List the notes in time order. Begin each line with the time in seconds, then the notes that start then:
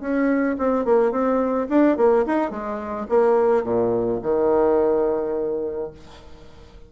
0.00 C#4
0.58 C4
0.85 A#3
1.11 C4
1.69 D4
1.97 A#3
2.26 D#4
2.50 G#3
3.09 A#3
3.63 A#2
4.23 D#3